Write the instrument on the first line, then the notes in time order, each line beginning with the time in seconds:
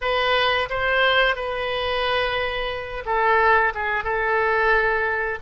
oboe
0.01 B4
0.69 C5
1.35 B4
3.05 A4
3.74 G#4
4.04 A4